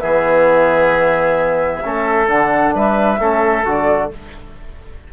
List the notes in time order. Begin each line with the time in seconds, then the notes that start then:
0.00 E3 B3 G#4 E5
1.84 A3 C#4 A4
2.28 D3 D4 F#5
2.75 G3 B4 E5
3.20 A3 C#4 A4
3.65 D3 F#4 D5